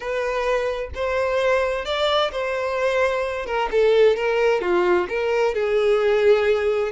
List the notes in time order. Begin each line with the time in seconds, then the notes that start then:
0.00 B4
0.94 C5
1.85 D5
2.32 C5
3.46 A#4
3.71 A4
4.16 A#4
4.61 F4
5.08 A#4
5.54 G#4